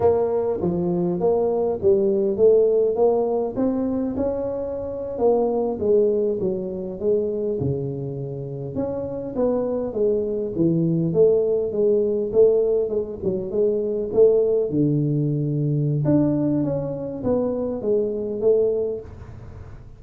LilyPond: \new Staff \with { instrumentName = "tuba" } { \time 4/4 \tempo 4 = 101 ais4 f4 ais4 g4 | a4 ais4 c'4 cis'4~ | cis'8. ais4 gis4 fis4 gis16~ | gis8. cis2 cis'4 b16~ |
b8. gis4 e4 a4 gis16~ | gis8. a4 gis8 fis8 gis4 a16~ | a8. d2~ d16 d'4 | cis'4 b4 gis4 a4 | }